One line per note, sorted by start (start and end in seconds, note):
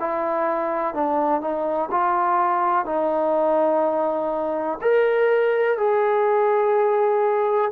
0.00 0.95 E4
0.95 1.41 D4
1.41 1.90 D#4
1.92 2.86 F4
2.86 4.79 D#4
4.82 5.78 A#4
5.78 7.72 G#4